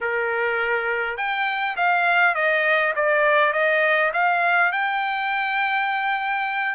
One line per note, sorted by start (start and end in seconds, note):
0.01 1.17 A#4
1.17 1.76 G5
1.76 2.34 F5
2.34 2.93 D#5
2.95 3.53 D5
3.53 4.11 D#5
4.13 4.71 F5
4.71 6.75 G5